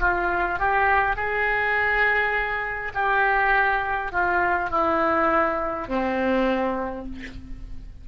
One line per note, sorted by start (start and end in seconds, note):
0.00 0.59 F4
0.59 1.16 G4
1.16 2.92 G#4
2.94 4.12 G4
4.12 4.70 F4
4.70 5.88 E4
5.88 7.05 C4